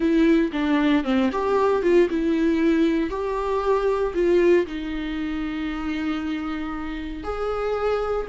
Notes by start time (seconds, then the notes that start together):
0.00 E4
0.52 D4
1.04 C4
1.31 G4
1.82 F4
2.09 E4
3.10 G4
4.14 F4
4.66 D#4
7.23 G#4